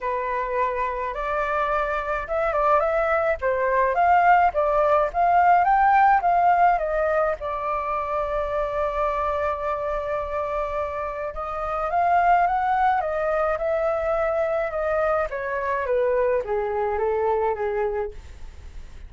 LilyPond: \new Staff \with { instrumentName = "flute" } { \time 4/4 \tempo 4 = 106 b'2 d''2 | e''8 d''8 e''4 c''4 f''4 | d''4 f''4 g''4 f''4 | dis''4 d''2.~ |
d''1 | dis''4 f''4 fis''4 dis''4 | e''2 dis''4 cis''4 | b'4 gis'4 a'4 gis'4 | }